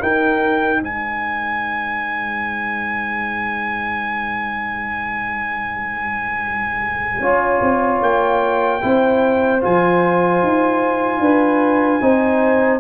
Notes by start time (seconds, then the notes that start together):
0.00 D#4 A#4 G5
0.81 G#3 C5 G#5
7.21 C#4 F4 C#5
7.62 C4
8.02 A#3 G5
8.82 C4 E4 C5
9.61 F3 F4 G#5
10.43 D#4
11.20 D4 B4
12.01 C4 D#4 C5